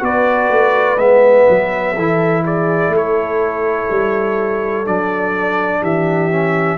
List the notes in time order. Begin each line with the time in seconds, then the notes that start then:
0.00 B3 F#4 B4 D5
0.49 A3
0.97 G#3 B3 E5
1.49 F#3
1.95 E3 E4 A4
2.44 G#4 D5
2.89 A3 A4
2.96 C#5
3.90 G3
4.86 F#3 D4 D5
5.81 E3 G4 E5
6.31 C#4